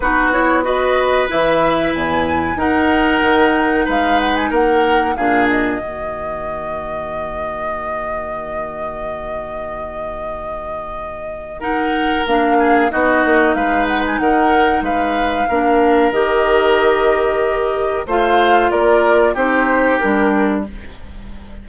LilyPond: <<
  \new Staff \with { instrumentName = "flute" } { \time 4/4 \tempo 4 = 93 b'8 cis''8 dis''4 e''4 gis''4 | fis''2 f''8 fis''16 gis''16 fis''4 | f''8 dis''2.~ dis''8~ | dis''1~ |
dis''2 fis''4 f''4 | dis''4 f''8 fis''16 gis''16 fis''4 f''4~ | f''4 dis''2. | f''4 d''4 c''4 ais'4 | }
  \new Staff \with { instrumentName = "oboe" } { \time 4/4 fis'4 b'2. | ais'2 b'4 ais'4 | gis'4 fis'2.~ | fis'1~ |
fis'2 ais'4. gis'8 | fis'4 b'4 ais'4 b'4 | ais'1 | c''4 ais'4 g'2 | }
  \new Staff \with { instrumentName = "clarinet" } { \time 4/4 dis'8 e'8 fis'4 e'2 | dis'1 | d'4 ais2.~ | ais1~ |
ais2 dis'4 d'4 | dis'1 | d'4 g'2. | f'2 dis'4 d'4 | }
  \new Staff \with { instrumentName = "bassoon" } { \time 4/4 b2 e4 e,4 | dis'4 dis4 gis4 ais4 | ais,4 dis2.~ | dis1~ |
dis2. ais4 | b8 ais8 gis4 dis4 gis4 | ais4 dis2. | a4 ais4 c'4 g4 | }
>>